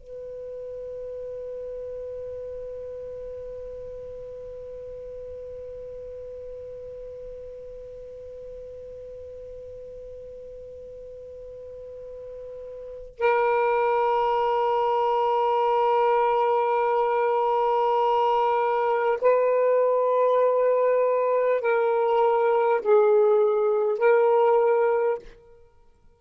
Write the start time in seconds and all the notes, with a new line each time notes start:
0.00 B4
13.18 A#4
19.21 B4
21.61 A#4
22.81 G#4
23.98 A#4